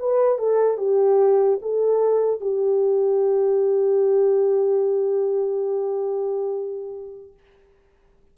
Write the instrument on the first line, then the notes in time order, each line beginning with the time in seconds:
horn
0.00 B4
0.39 A4
0.78 G4
1.63 A4
2.41 G4